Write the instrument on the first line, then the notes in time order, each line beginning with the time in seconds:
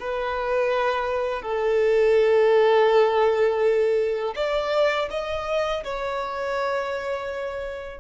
violin
0.00 B4
1.42 A4
4.36 D5
5.11 D#5
5.84 C#5